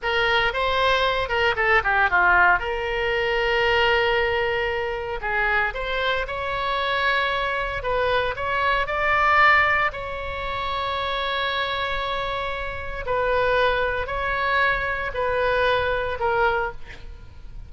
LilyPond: \new Staff \with { instrumentName = "oboe" } { \time 4/4 \tempo 4 = 115 ais'4 c''4. ais'8 a'8 g'8 | f'4 ais'2.~ | ais'2 gis'4 c''4 | cis''2. b'4 |
cis''4 d''2 cis''4~ | cis''1~ | cis''4 b'2 cis''4~ | cis''4 b'2 ais'4 | }